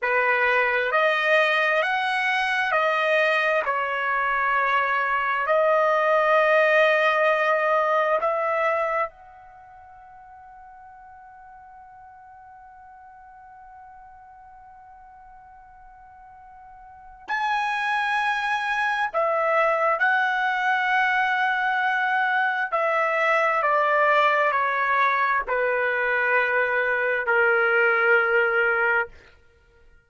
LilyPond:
\new Staff \with { instrumentName = "trumpet" } { \time 4/4 \tempo 4 = 66 b'4 dis''4 fis''4 dis''4 | cis''2 dis''2~ | dis''4 e''4 fis''2~ | fis''1~ |
fis''2. gis''4~ | gis''4 e''4 fis''2~ | fis''4 e''4 d''4 cis''4 | b'2 ais'2 | }